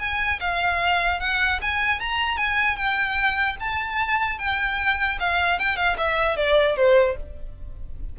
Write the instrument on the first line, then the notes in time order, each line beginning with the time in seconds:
violin
0.00 G#5
0.41 F5
1.20 F#5
1.62 G#5
2.00 A#5
2.38 G#5
2.77 G5
3.61 A5
4.39 G5
5.20 F5
5.60 G5
5.77 F5
5.98 E5
6.37 D5
6.77 C5